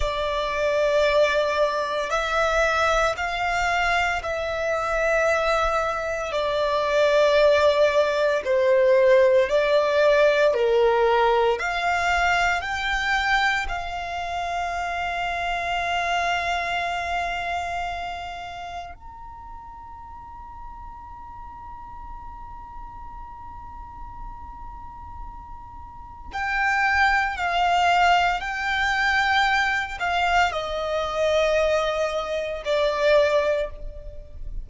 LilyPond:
\new Staff \with { instrumentName = "violin" } { \time 4/4 \tempo 4 = 57 d''2 e''4 f''4 | e''2 d''2 | c''4 d''4 ais'4 f''4 | g''4 f''2.~ |
f''2 ais''2~ | ais''1~ | ais''4 g''4 f''4 g''4~ | g''8 f''8 dis''2 d''4 | }